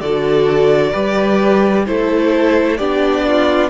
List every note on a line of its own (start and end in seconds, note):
0.00 0.93 D3
0.00 0.92 F#4
0.00 0.91 A4
0.00 1.85 D5
0.91 1.87 G3
0.91 1.85 G4
0.91 1.83 B4
1.86 2.79 A3
1.86 2.79 E4
1.86 2.78 A4
1.86 2.77 C5
2.77 3.70 B3
2.77 3.70 D4
2.77 3.24 G4
2.77 3.69 D5
3.27 3.70 F4